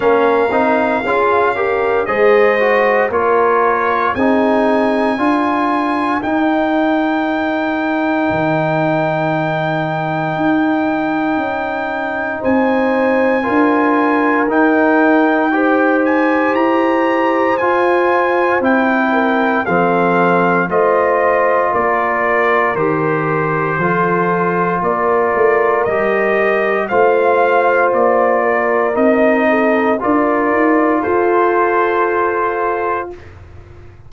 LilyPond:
<<
  \new Staff \with { instrumentName = "trumpet" } { \time 4/4 \tempo 4 = 58 f''2 dis''4 cis''4 | gis''2 g''2~ | g''1 | gis''2 g''4. gis''8 |
ais''4 gis''4 g''4 f''4 | dis''4 d''4 c''2 | d''4 dis''4 f''4 d''4 | dis''4 d''4 c''2 | }
  \new Staff \with { instrumentName = "horn" } { \time 4/4 ais'4 gis'8 ais'8 c''4 ais'4 | gis'4 ais'2.~ | ais'1 | c''4 ais'2 c''4~ |
c''2~ c''8 ais'8 a'4 | c''4 ais'2 a'4 | ais'2 c''4. ais'8~ | ais'8 a'8 ais'4 a'2 | }
  \new Staff \with { instrumentName = "trombone" } { \time 4/4 cis'8 dis'8 f'8 g'8 gis'8 fis'8 f'4 | dis'4 f'4 dis'2~ | dis'1~ | dis'4 f'4 dis'4 g'4~ |
g'4 f'4 e'4 c'4 | f'2 g'4 f'4~ | f'4 g'4 f'2 | dis'4 f'2. | }
  \new Staff \with { instrumentName = "tuba" } { \time 4/4 ais8 c'8 cis'4 gis4 ais4 | c'4 d'4 dis'2 | dis2 dis'4 cis'4 | c'4 d'4 dis'2 |
e'4 f'4 c'4 f4 | a4 ais4 dis4 f4 | ais8 a8 g4 a4 ais4 | c'4 d'8 dis'8 f'2 | }
>>